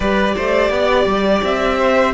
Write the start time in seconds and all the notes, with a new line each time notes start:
0.00 G3 G4 B4 D5
0.35 A3 C5
0.70 B3 D5
1.06 G3
1.43 C4 E5
1.78 C5